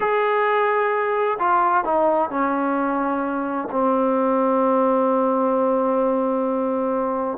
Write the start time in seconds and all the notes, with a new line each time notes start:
0.00 G#4
1.39 F4
1.84 D#4
2.30 C#4
3.71 C4